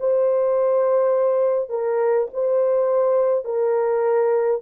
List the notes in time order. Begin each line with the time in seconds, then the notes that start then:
0.00 C5
1.69 A#4
2.33 C5
3.45 A#4